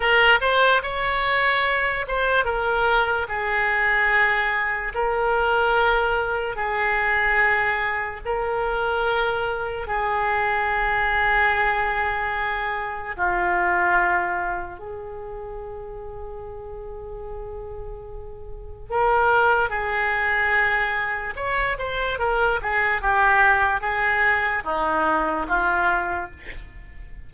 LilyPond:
\new Staff \with { instrumentName = "oboe" } { \time 4/4 \tempo 4 = 73 ais'8 c''8 cis''4. c''8 ais'4 | gis'2 ais'2 | gis'2 ais'2 | gis'1 |
f'2 gis'2~ | gis'2. ais'4 | gis'2 cis''8 c''8 ais'8 gis'8 | g'4 gis'4 dis'4 f'4 | }